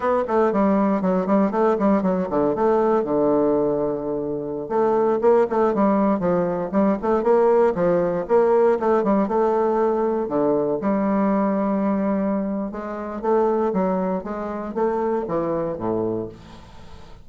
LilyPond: \new Staff \with { instrumentName = "bassoon" } { \time 4/4 \tempo 4 = 118 b8 a8 g4 fis8 g8 a8 g8 | fis8 d8 a4 d2~ | d4~ d16 a4 ais8 a8 g8.~ | g16 f4 g8 a8 ais4 f8.~ |
f16 ais4 a8 g8 a4.~ a16~ | a16 d4 g2~ g8.~ | g4 gis4 a4 fis4 | gis4 a4 e4 a,4 | }